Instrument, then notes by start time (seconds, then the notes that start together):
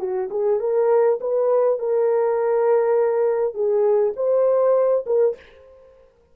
horn
0.00 F#4
0.31 G#4
0.60 A#4
1.21 B4
1.80 A#4
3.55 G#4
4.17 C5
5.07 A#4